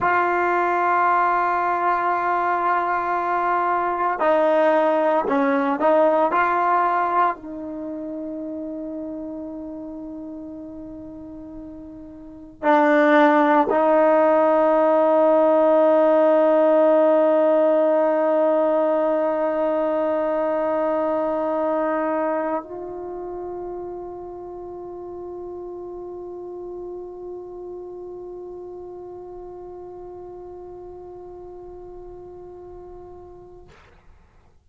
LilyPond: \new Staff \with { instrumentName = "trombone" } { \time 4/4 \tempo 4 = 57 f'1 | dis'4 cis'8 dis'8 f'4 dis'4~ | dis'1 | d'4 dis'2.~ |
dis'1~ | dis'4. f'2~ f'8~ | f'1~ | f'1 | }